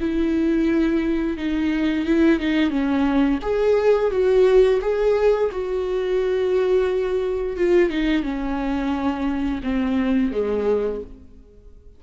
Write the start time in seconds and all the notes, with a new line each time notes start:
0.00 E4
1.37 D#4
2.06 E4
2.39 D#4
2.70 C#4
3.42 G#4
4.11 F#4
4.81 G#4
5.51 F#4
7.57 F4
7.90 D#4
8.23 C#4
9.63 C4
10.32 G#3